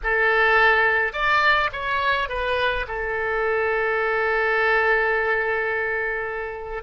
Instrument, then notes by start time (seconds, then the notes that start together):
oboe
0.03 A4
1.12 D5
1.72 C#5
2.28 B4
2.87 A4